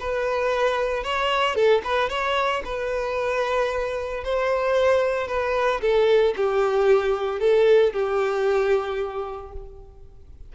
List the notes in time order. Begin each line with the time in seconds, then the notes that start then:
0.00 B4
1.04 C#5
1.55 A4
1.84 B4
2.09 C#5
2.65 B4
4.24 C5
5.28 B4
5.81 A4
6.36 G4
7.40 A4
7.93 G4